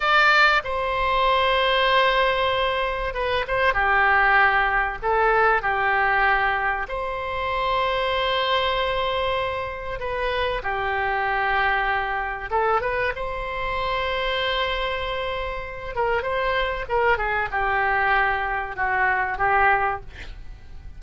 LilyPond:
\new Staff \with { instrumentName = "oboe" } { \time 4/4 \tempo 4 = 96 d''4 c''2.~ | c''4 b'8 c''8 g'2 | a'4 g'2 c''4~ | c''1 |
b'4 g'2. | a'8 b'8 c''2.~ | c''4. ais'8 c''4 ais'8 gis'8 | g'2 fis'4 g'4 | }